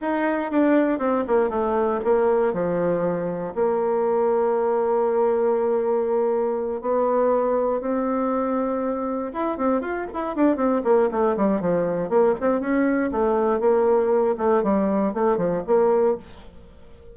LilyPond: \new Staff \with { instrumentName = "bassoon" } { \time 4/4 \tempo 4 = 119 dis'4 d'4 c'8 ais8 a4 | ais4 f2 ais4~ | ais1~ | ais4. b2 c'8~ |
c'2~ c'8 e'8 c'8 f'8 | e'8 d'8 c'8 ais8 a8 g8 f4 | ais8 c'8 cis'4 a4 ais4~ | ais8 a8 g4 a8 f8 ais4 | }